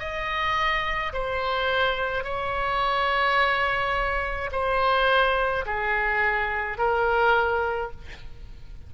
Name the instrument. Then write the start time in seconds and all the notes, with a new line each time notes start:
oboe
0.00 D#5
1.13 C5
2.24 C#5
4.52 C5
5.66 G#4
6.78 A#4